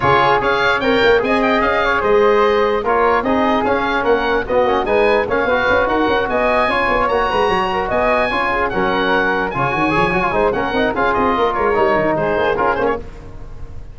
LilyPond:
<<
  \new Staff \with { instrumentName = "oboe" } { \time 4/4 \tempo 4 = 148 cis''4 f''4 g''4 gis''8 g''8 | f''4 dis''2 cis''4 | dis''4 f''4 fis''4 dis''4 | gis''4 f''4. fis''4 gis''8~ |
gis''4. ais''2 gis''8~ | gis''4. fis''2 gis''8~ | gis''2 fis''4 f''8 dis''8~ | dis''8 cis''4. c''4 ais'8 c''16 cis''16 | }
  \new Staff \with { instrumentName = "flute" } { \time 4/4 gis'4 cis''2 dis''4~ | dis''8 cis''8 c''2 ais'4 | gis'2 ais'4 fis'4 | b'4 cis''8 b'4 ais'4 dis''8~ |
dis''8 cis''4. b'8 cis''8 ais'8 dis''8~ | dis''8 cis''8 gis'8 ais'2 cis''8~ | cis''4. c''8 ais'4 gis'4 | ais'2 gis'2 | }
  \new Staff \with { instrumentName = "trombone" } { \time 4/4 f'4 gis'4 ais'4 gis'4~ | gis'2. f'4 | dis'4 cis'2 b8 cis'8 | dis'4 cis'8 fis'2~ fis'8~ |
fis'8 f'4 fis'2~ fis'8~ | fis'8 f'4 cis'2 f'8 | fis'8 gis'8 fis'16 f'16 dis'8 cis'8 dis'8 f'4~ | f'4 dis'2 f'8 cis'8 | }
  \new Staff \with { instrumentName = "tuba" } { \time 4/4 cis4 cis'4 c'8 ais8 c'4 | cis'4 gis2 ais4 | c'4 cis'4 ais4 b8 ais8 | gis4 ais8 b8 cis'8 dis'8 cis'8 b8~ |
b8 cis'8 b8 ais8 gis8 fis4 b8~ | b8 cis'4 fis2 cis8 | dis8 f8 fis8 gis8 ais8 c'8 cis'8 c'8 | ais8 gis8 g8 dis8 gis8 ais8 cis'8 ais8 | }
>>